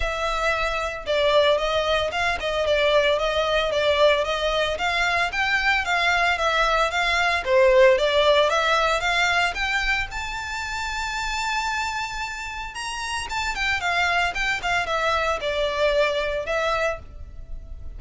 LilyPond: \new Staff \with { instrumentName = "violin" } { \time 4/4 \tempo 4 = 113 e''2 d''4 dis''4 | f''8 dis''8 d''4 dis''4 d''4 | dis''4 f''4 g''4 f''4 | e''4 f''4 c''4 d''4 |
e''4 f''4 g''4 a''4~ | a''1 | ais''4 a''8 g''8 f''4 g''8 f''8 | e''4 d''2 e''4 | }